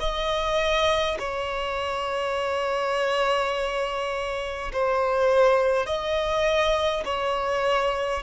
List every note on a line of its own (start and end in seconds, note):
0.00 1.18 D#5
1.19 4.72 C#5
4.73 5.86 C5
5.86 7.04 D#5
7.05 8.22 C#5